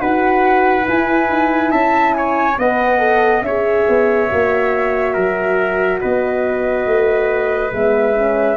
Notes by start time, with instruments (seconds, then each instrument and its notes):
0.00 tuba D#4, horn F#4, trumpet B4, flute F#5
0.83 horn E4, tuba E4, flute G#5
1.30 tuba D#4
1.71 tuba C#4, trumpet E5, flute A5
2.14 trumpet C#5, flute G#5
2.58 tuba B3, horn B4, trumpet D#5, flute F#5
2.99 horn A4
3.42 tuba C#4, horn G#4, trumpet C#5, flute E5
3.89 tuba B3
4.30 tuba A#3, horn F#4
5.14 tuba F#3, trumpet A#4
6.01 tuba B3, trumpet B4, flute D#5
6.86 tuba A3
7.72 tuba G#3, horn B3, flute E5
8.14 horn C#4